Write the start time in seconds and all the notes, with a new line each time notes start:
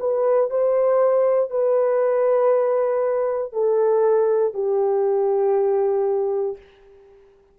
0.00 B4
0.50 C5
1.50 B4
3.53 A4
4.54 G4